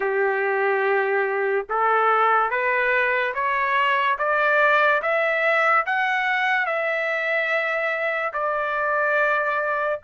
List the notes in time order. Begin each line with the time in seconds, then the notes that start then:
0.00 G4
1.69 A4
2.50 B4
3.34 C#5
4.18 D5
5.02 E5
5.86 F#5
6.66 E5
8.33 D5